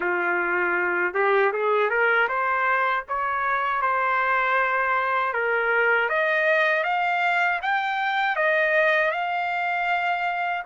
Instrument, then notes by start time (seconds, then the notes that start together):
trumpet
0.00 F4
1.14 G4
1.53 G#4
1.90 A#4
2.28 C5
3.08 C#5
3.81 C5
5.33 A#4
6.09 D#5
6.83 F5
7.62 G5
8.35 D#5
9.11 F5